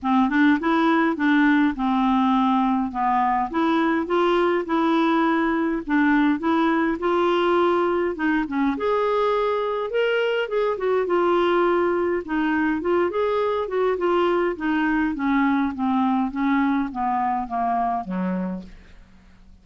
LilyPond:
\new Staff \with { instrumentName = "clarinet" } { \time 4/4 \tempo 4 = 103 c'8 d'8 e'4 d'4 c'4~ | c'4 b4 e'4 f'4 | e'2 d'4 e'4 | f'2 dis'8 cis'8 gis'4~ |
gis'4 ais'4 gis'8 fis'8 f'4~ | f'4 dis'4 f'8 gis'4 fis'8 | f'4 dis'4 cis'4 c'4 | cis'4 b4 ais4 fis4 | }